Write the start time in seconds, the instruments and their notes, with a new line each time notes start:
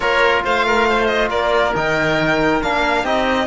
0.00 cello A#3, trombone F4, oboe A#4, violin C#5
0.44 cello A3, oboe C5, violin F5
0.66 oboe A#4
0.88 oboe C5
1.06 violin D#5
1.30 cello A#3, oboe A#4, violin D5
1.75 cello D#3, trombone D#4, violin G5
2.62 cello A#3, trombone D4, violin F5
3.03 cello C4, trombone D#4, oboe G4, violin D#5